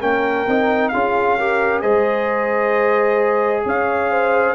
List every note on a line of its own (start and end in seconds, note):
0.00 0.47 A#3
0.00 0.46 C#4
0.00 0.91 A#4
0.00 0.88 G5
0.47 0.92 C4
0.47 0.93 D#4
0.88 1.82 C#4
0.88 1.38 F4
0.88 1.37 G#4
0.88 1.79 F5
1.37 1.82 G4
1.37 1.81 A#4
1.81 3.64 G#3
1.81 4.54 G#4
1.81 3.63 C5
1.81 3.63 D#5
3.65 4.54 C#4
3.65 4.11 C#5
3.65 4.54 F5
4.11 4.54 C5